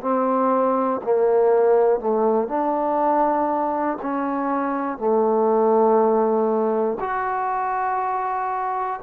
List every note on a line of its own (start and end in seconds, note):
0.00 1.00 C4
1.03 2.00 A#3
2.00 2.47 A3
2.47 3.97 D4
4.02 4.97 C#4
4.97 6.97 A3
7.00 9.00 F#4